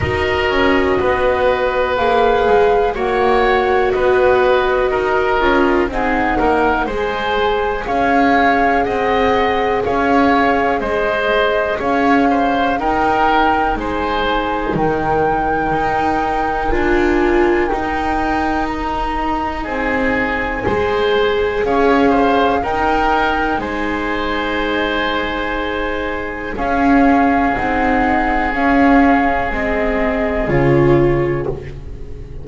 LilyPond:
<<
  \new Staff \with { instrumentName = "flute" } { \time 4/4 \tempo 4 = 61 dis''2 f''4 fis''4 | dis''2 fis''4 gis''4 | f''4 fis''4 f''4 dis''4 | f''4 g''4 gis''4 g''4~ |
g''4 gis''4 g''4 ais''4 | gis''2 f''4 g''4 | gis''2. f''4 | fis''4 f''4 dis''4 cis''4 | }
  \new Staff \with { instrumentName = "oboe" } { \time 4/4 ais'4 b'2 cis''4 | b'4 ais'4 gis'8 ais'8 c''4 | cis''4 dis''4 cis''4 c''4 | cis''8 c''8 ais'4 c''4 ais'4~ |
ais'1 | gis'4 c''4 cis''8 c''8 ais'4 | c''2. gis'4~ | gis'1 | }
  \new Staff \with { instrumentName = "viola" } { \time 4/4 fis'2 gis'4 fis'4~ | fis'4. f'8 dis'4 gis'4~ | gis'1~ | gis'4 dis'2.~ |
dis'4 f'4 dis'2~ | dis'4 gis'2 dis'4~ | dis'2. cis'4 | dis'4 cis'4 c'4 f'4 | }
  \new Staff \with { instrumentName = "double bass" } { \time 4/4 dis'8 cis'8 b4 ais8 gis8 ais4 | b4 dis'8 cis'8 c'8 ais8 gis4 | cis'4 c'4 cis'4 gis4 | cis'4 dis'4 gis4 dis4 |
dis'4 d'4 dis'2 | c'4 gis4 cis'4 dis'4 | gis2. cis'4 | c'4 cis'4 gis4 cis4 | }
>>